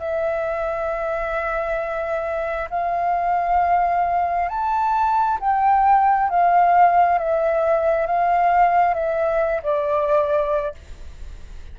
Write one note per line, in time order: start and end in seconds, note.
0.00 2.69 E5
2.70 4.49 F5
4.49 5.39 A5
5.40 6.30 G5
6.30 7.18 F5
7.18 8.07 E5
8.07 8.94 F5
8.94 9.61 E5
9.63 10.75 D5